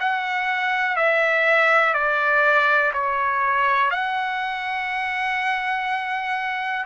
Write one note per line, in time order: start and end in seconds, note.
0.00 0.96 F#5
0.96 1.94 E5
1.94 2.92 D5
2.93 3.91 C#5
3.91 6.86 F#5